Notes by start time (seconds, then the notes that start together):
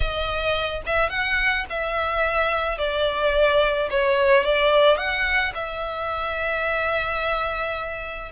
0.00 D#5
0.85 E5
1.09 F#5
1.69 E5
2.78 D5
3.90 C#5
4.43 D5
4.97 F#5
5.54 E5